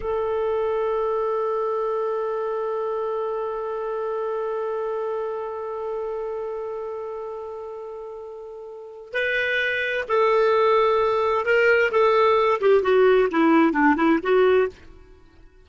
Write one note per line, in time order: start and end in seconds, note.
0.00 9.13 A4
9.13 10.05 B4
10.08 11.45 A4
11.45 11.91 A#4
11.91 12.60 A4
12.61 12.82 G4
12.82 13.28 F#4
13.31 13.72 E4
13.72 13.95 D4
13.96 14.19 E4
14.22 14.68 F#4